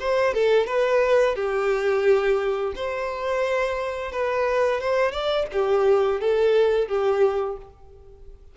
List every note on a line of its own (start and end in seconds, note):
0.00 0.34 C5
0.34 0.67 A4
0.67 1.35 B4
1.35 2.73 G4
2.75 4.12 C5
4.12 4.81 B4
4.81 5.12 C5
5.12 5.46 D5
5.52 6.21 G4
6.21 6.88 A4
6.88 7.57 G4